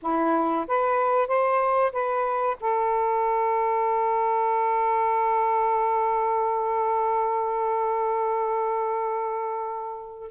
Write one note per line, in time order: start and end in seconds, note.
0.01 0.66 E4
0.67 1.27 B4
1.27 1.92 C5
1.92 2.56 B4
2.60 10.30 A4